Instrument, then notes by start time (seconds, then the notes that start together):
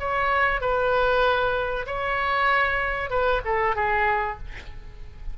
oboe
0.00 C#5
0.61 B4
1.87 C#5
3.11 B4
3.45 A4
3.76 G#4